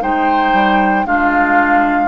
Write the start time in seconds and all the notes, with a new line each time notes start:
0.00 G#3 D#4 C5 G5
0.53 G3
1.05 G#3 D4 F4 F5